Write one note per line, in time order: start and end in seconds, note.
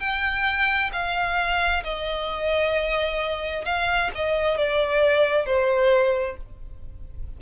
0.00 0.91 G5
0.93 1.84 F5
1.84 3.66 D#5
3.66 4.11 F5
4.15 4.58 D#5
4.58 5.46 D5
5.46 6.37 C5